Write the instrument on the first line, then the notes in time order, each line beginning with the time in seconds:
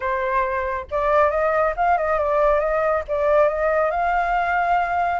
flute
0.00 C5
0.90 D5
1.30 D#5
1.76 F5
1.97 D#5
2.18 D5
2.59 D#5
3.08 D5
3.48 D#5
3.90 F5